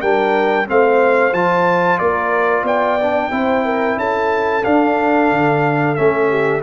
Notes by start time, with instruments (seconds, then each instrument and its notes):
0.00 tuba G3, trombone D4, horn A#4, trumpet G5
0.67 tuba A3, trombone C4, horn C5, trumpet F5
1.33 tuba F3, trombone F4, trumpet A5
1.98 tuba A#3, horn A#4, trumpet D5
2.63 tuba B3, horn D5, trumpet G5
3.00 trombone D4
3.31 tuba C4, trombone E4, horn C5
3.65 horn A#4
3.97 tuba C#4, horn A4, trumpet A5
4.64 trombone D4, tuba D4, trumpet F5
5.31 tuba D3
5.95 tuba A3, trombone C#4, trumpet E5
6.29 horn G4